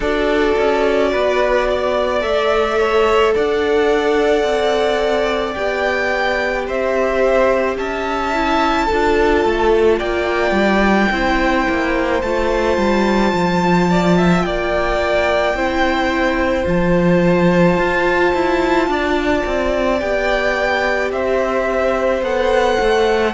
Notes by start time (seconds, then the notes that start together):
0.00 D4 F#4 A4 D5
0.58 C#4
1.12 B3 B4
1.69 D5
2.20 A3 A4 E5
2.78 C#5
3.34 D4 D5 F#5
4.43 C4
5.53 B3 G4 G5
6.66 C4 C5 E5
7.76 C#4 E5 A5
8.33 E4
8.85 A4
8.92 D4 F4
9.44 A3
9.98 A#3 D5 G5
10.51 G3
11.11 C4 E4 C5
11.69 A#3
12.21 A3 F4 A5
12.77 G3
13.33 F3
13.90 D5
14.17 E5
14.42 A#3 D5 G5
15.53 C4 E4 C5
16.63 F3 F4 A5
17.77 F4
18.34 E4
18.87 D4 D5
19.46 C4
19.99 B3 G4 G5
21.11 C4 C5 E5
22.21 B3 A4 F#5
22.80 A3